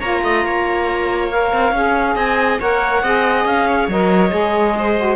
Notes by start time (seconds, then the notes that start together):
0.00 A#3 F4 C#5 A#5
0.23 A3 D#5
0.45 A#3 C#5
1.31 A#4 F5
1.53 C4
1.72 C#4 G#4
2.15 C4 D#5 G#5
2.60 A#3 A#4 C#5 F#5
3.03 C4 G#4 D#5
3.45 C#4 F5
3.68 C#5
3.88 F#3 A#4 D#5
4.30 G#3 G#4
4.79 C5
4.97 F#4